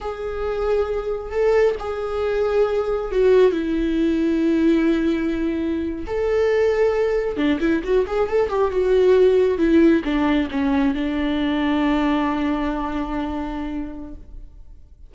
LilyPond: \new Staff \with { instrumentName = "viola" } { \time 4/4 \tempo 4 = 136 gis'2. a'4 | gis'2. fis'4 | e'1~ | e'4.~ e'16 a'2~ a'16~ |
a'8. d'8 e'8 fis'8 gis'8 a'8 g'8 fis'16~ | fis'4.~ fis'16 e'4 d'4 cis'16~ | cis'8. d'2.~ d'16~ | d'1 | }